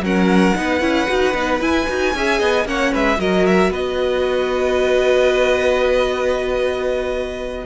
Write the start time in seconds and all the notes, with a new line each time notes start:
0.00 F#3 C#4 A#4 F#5
0.55 B3 D#4 B4
0.80 C#4 E4
1.06 D#4 F#4
1.34 B3 D#4
1.60 E4 G#5
1.87 D#4 F#4
2.15 C#4 G#4 E5
2.39 B3 D#5
2.65 A#3 C#4 C#5 F#5
2.92 G#3 B4 E5
3.17 F#3 F#4 A#4 D#5
3.46 E5
3.71 B3 B4 D#5